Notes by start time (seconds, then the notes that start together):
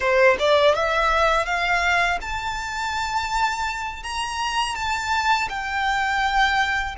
0.00 C5
0.39 D5
0.75 E5
1.45 F5
2.21 A5
4.03 A#5
4.75 A5
5.49 G5